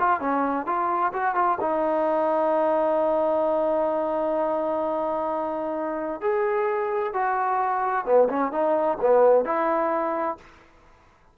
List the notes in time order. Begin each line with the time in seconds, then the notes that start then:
0.00 F4
0.21 C#4
0.67 F4
1.14 F#4
1.36 F4
1.61 D#4
6.22 G#4
7.14 F#4
8.06 B3
8.29 C#4
8.52 D#4
9.01 B3
9.46 E4